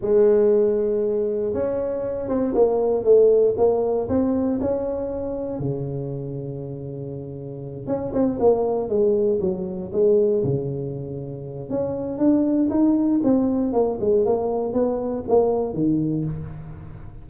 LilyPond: \new Staff \with { instrumentName = "tuba" } { \time 4/4 \tempo 4 = 118 gis2. cis'4~ | cis'8 c'8 ais4 a4 ais4 | c'4 cis'2 cis4~ | cis2.~ cis8 cis'8 |
c'8 ais4 gis4 fis4 gis8~ | gis8 cis2~ cis8 cis'4 | d'4 dis'4 c'4 ais8 gis8 | ais4 b4 ais4 dis4 | }